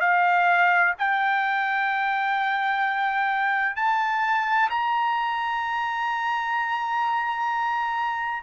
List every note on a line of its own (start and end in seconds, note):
0.00 0.94 F5
0.98 3.75 G5
3.75 4.69 A5
4.70 8.43 A#5